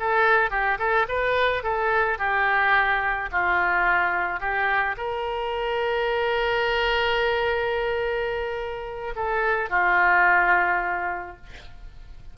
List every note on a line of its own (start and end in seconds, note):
0.00 0.51 A4
0.51 0.79 G4
0.79 1.07 A4
1.09 1.64 B4
1.64 2.19 A4
2.19 3.30 G4
3.32 4.40 F4
4.40 4.96 G4
4.98 9.14 A#4
9.16 9.70 A4
9.70 11.37 F4